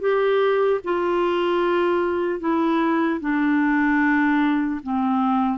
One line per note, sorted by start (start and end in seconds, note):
0.00 0.80 G4
0.84 2.40 F4
2.40 3.20 E4
3.20 4.80 D4
4.83 5.58 C4